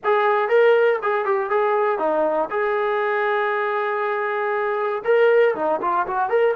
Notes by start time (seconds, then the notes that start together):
0.04 G#4
0.48 A#4
1.02 G#4
1.25 G4
1.50 G#4
1.98 D#4
2.50 G#4
5.04 A#4
5.55 D#4
5.81 F4
6.06 F#4
6.29 A#4